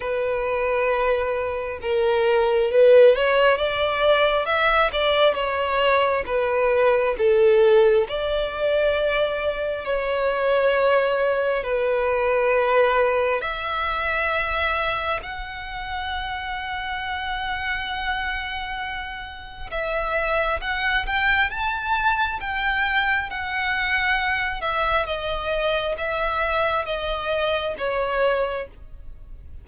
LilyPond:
\new Staff \with { instrumentName = "violin" } { \time 4/4 \tempo 4 = 67 b'2 ais'4 b'8 cis''8 | d''4 e''8 d''8 cis''4 b'4 | a'4 d''2 cis''4~ | cis''4 b'2 e''4~ |
e''4 fis''2.~ | fis''2 e''4 fis''8 g''8 | a''4 g''4 fis''4. e''8 | dis''4 e''4 dis''4 cis''4 | }